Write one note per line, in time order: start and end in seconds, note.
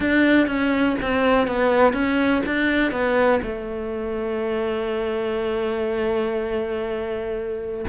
0.00 0.47 D4
0.47 0.96 C#4
1.01 1.47 C4
1.47 1.93 B3
1.93 2.42 C#4
2.46 2.91 D4
2.91 3.40 B3
3.42 7.85 A3